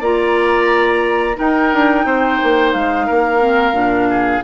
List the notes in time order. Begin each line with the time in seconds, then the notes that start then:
0.00 A#3 F4 D5 A#5
1.35 D#4 A#4 G5
1.73 D4
2.05 C4 C5
2.43 A#3
2.72 G#3 F5
3.06 A#3 A#4
3.39 C4
3.72 A#2 D4
4.09 G#4